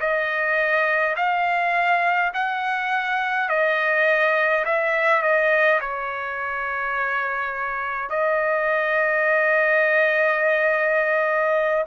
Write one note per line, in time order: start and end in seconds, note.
0.00 1.15 D#5
1.16 2.32 F5
2.34 3.49 F#5
3.49 4.65 D#5
4.65 5.22 E5
5.22 5.80 D#5
5.81 8.10 C#5
8.10 11.85 D#5